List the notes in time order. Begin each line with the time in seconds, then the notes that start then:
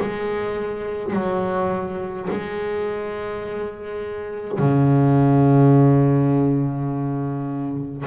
0.00 G#3
1.13 F#3
2.30 G#3
4.58 C#3